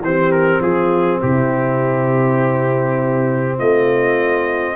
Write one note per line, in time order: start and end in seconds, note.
0.00 0.59 E3
0.00 4.75 C4
0.00 0.63 G4
0.00 0.31 C5
0.31 0.61 A#4
0.60 1.19 F3
0.60 1.21 F4
0.60 1.21 G#4
1.21 3.60 C3
1.21 3.57 E4
1.21 3.59 G4
3.57 4.75 A3
3.57 4.75 F4
3.57 4.75 D#5